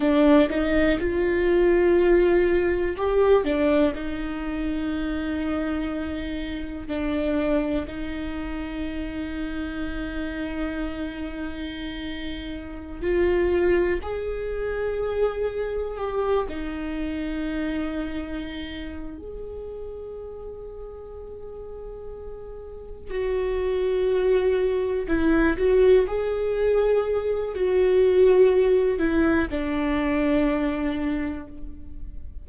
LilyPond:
\new Staff \with { instrumentName = "viola" } { \time 4/4 \tempo 4 = 61 d'8 dis'8 f'2 g'8 d'8 | dis'2. d'4 | dis'1~ | dis'4~ dis'16 f'4 gis'4.~ gis'16~ |
gis'16 g'8 dis'2~ dis'8. gis'8~ | gis'2.~ gis'8 fis'8~ | fis'4. e'8 fis'8 gis'4. | fis'4. e'8 d'2 | }